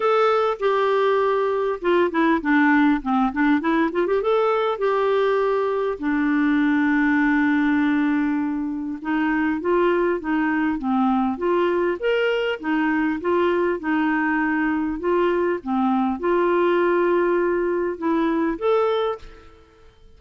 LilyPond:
\new Staff \with { instrumentName = "clarinet" } { \time 4/4 \tempo 4 = 100 a'4 g'2 f'8 e'8 | d'4 c'8 d'8 e'8 f'16 g'16 a'4 | g'2 d'2~ | d'2. dis'4 |
f'4 dis'4 c'4 f'4 | ais'4 dis'4 f'4 dis'4~ | dis'4 f'4 c'4 f'4~ | f'2 e'4 a'4 | }